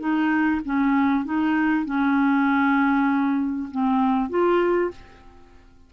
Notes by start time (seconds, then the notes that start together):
0.00 D#4
0.65 C#4
1.26 D#4
1.86 C#4
3.72 C4
4.30 F4